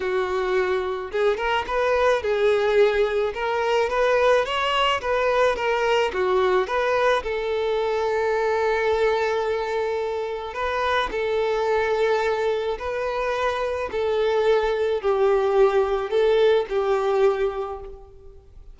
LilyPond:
\new Staff \with { instrumentName = "violin" } { \time 4/4 \tempo 4 = 108 fis'2 gis'8 ais'8 b'4 | gis'2 ais'4 b'4 | cis''4 b'4 ais'4 fis'4 | b'4 a'2.~ |
a'2. b'4 | a'2. b'4~ | b'4 a'2 g'4~ | g'4 a'4 g'2 | }